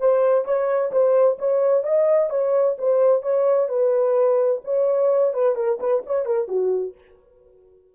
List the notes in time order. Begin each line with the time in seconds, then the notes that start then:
0.00 C5
0.45 C#5
0.92 C5
1.39 C#5
1.84 D#5
2.30 C#5
2.78 C5
3.22 C#5
3.69 B4
4.64 C#5
5.34 B4
5.56 A#4
5.80 B4
6.06 C#5
6.26 A#4
6.48 F#4